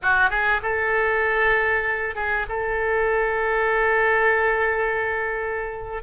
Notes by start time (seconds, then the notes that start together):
0.02 F#4
0.30 G#4
0.62 A4
2.15 G#4
2.49 A4